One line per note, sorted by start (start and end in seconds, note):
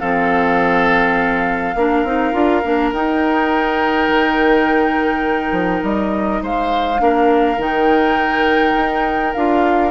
0.00 1.75 F3
0.00 1.75 C4
0.00 1.75 A4
0.00 2.91 F5
1.75 2.04 A#3
1.75 2.06 D4
1.75 6.43 A#4
2.04 2.33 C4
2.04 2.33 D#4
2.33 2.62 D4
2.33 2.62 F4
2.65 2.92 A#3
2.65 2.94 D4
2.92 4.08 D#4
2.92 6.99 D#4
2.92 5.84 G5
4.08 5.52 D#3
5.52 5.81 F3
5.83 6.41 G3
5.83 6.43 D#5
6.42 7.00 G#3
6.42 7.01 C5
6.42 7.61 F5
6.99 7.58 A#3
6.99 7.57 D4
6.99 9.91 A#4
7.58 8.75 D#3
7.58 9.34 D#4
7.58 9.34 G5
8.76 9.34 D#4
9.34 9.91 D4
9.34 9.91 F4
9.34 9.91 F5